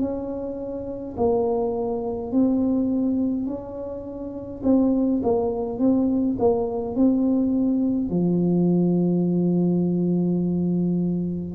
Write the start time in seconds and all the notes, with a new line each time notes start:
0.00 C#4
1.17 A#3
2.32 C4
3.47 C#4
4.64 C4
5.23 A#3
5.79 C4
6.39 A#3
6.95 C4
8.10 F3